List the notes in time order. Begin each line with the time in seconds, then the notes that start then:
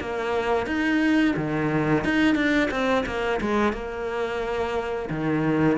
0.00 A#3
0.67 D#4
1.36 D#3
2.04 D#4
2.35 D4
2.71 C4
3.06 A#3
3.41 G#3
3.73 A#3
5.10 D#3